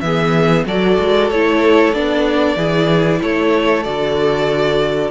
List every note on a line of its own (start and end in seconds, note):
0.00 0.64 E3
0.00 0.67 B3
0.00 0.66 G#4
0.00 0.64 E5
0.66 0.98 F#3
0.66 1.31 F#4
0.66 2.56 A4
0.66 1.30 D5
0.98 1.30 G#3
1.30 1.93 A3
1.30 1.94 E4
1.30 1.94 C#5
1.93 2.56 B3
1.93 2.57 D4
1.93 3.21 D5
2.56 3.19 E3
2.56 3.84 E4
2.56 3.20 G#4
3.21 3.86 A3
3.21 5.11 A4
3.21 3.83 C#5
3.83 5.11 D3
3.83 5.11 F#4
3.83 5.11 D5